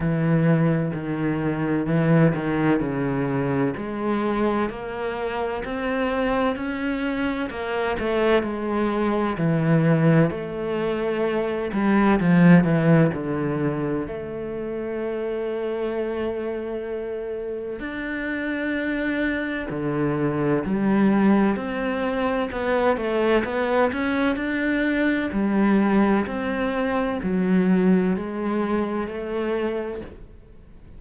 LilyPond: \new Staff \with { instrumentName = "cello" } { \time 4/4 \tempo 4 = 64 e4 dis4 e8 dis8 cis4 | gis4 ais4 c'4 cis'4 | ais8 a8 gis4 e4 a4~ | a8 g8 f8 e8 d4 a4~ |
a2. d'4~ | d'4 d4 g4 c'4 | b8 a8 b8 cis'8 d'4 g4 | c'4 fis4 gis4 a4 | }